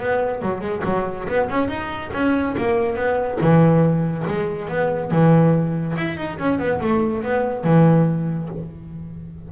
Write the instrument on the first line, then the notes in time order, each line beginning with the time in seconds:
double bass
0.00 B3
0.42 F#3
0.61 G#3
0.84 F#3
1.28 B3
1.50 C#4
1.68 D#4
2.13 C#4
2.57 A#3
2.96 B3
3.41 E3
4.27 G#3
4.69 B3
5.11 E3
5.97 E4
6.17 D#4
6.38 C#4
6.59 B3
6.80 A3
7.23 B3
7.64 E3